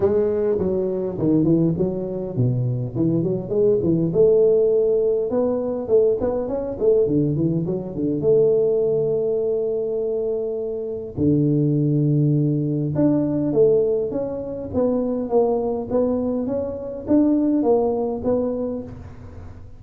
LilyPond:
\new Staff \with { instrumentName = "tuba" } { \time 4/4 \tempo 4 = 102 gis4 fis4 dis8 e8 fis4 | b,4 e8 fis8 gis8 e8 a4~ | a4 b4 a8 b8 cis'8 a8 | d8 e8 fis8 d8 a2~ |
a2. d4~ | d2 d'4 a4 | cis'4 b4 ais4 b4 | cis'4 d'4 ais4 b4 | }